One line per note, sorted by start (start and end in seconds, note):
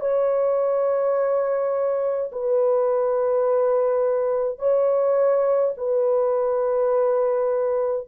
0.00 2.31 C#5
2.32 4.58 B4
4.58 5.74 C#5
5.77 8.08 B4